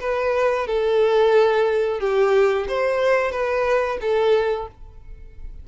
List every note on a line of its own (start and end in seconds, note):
0.00 0.67 B4
0.67 2.00 A4
2.00 2.66 G4
2.68 3.31 C5
3.31 3.98 B4
4.01 4.68 A4